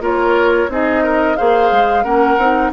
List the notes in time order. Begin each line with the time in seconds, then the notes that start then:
0.00 A#3 F4 A#4 C#5
0.68 C4 D#4 G#4 D#5
1.04 A#4
1.36 A#3 G#4 C5 F5
1.71 G#3
2.04 A#3 C#4 A#4 F#5
2.37 C4 D#4